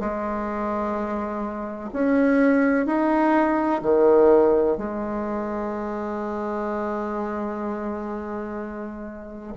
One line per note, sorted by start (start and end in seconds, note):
0.00 1.90 G#3
1.94 2.86 C#4
2.86 3.81 D#4
3.82 4.77 D#3
4.77 9.54 G#3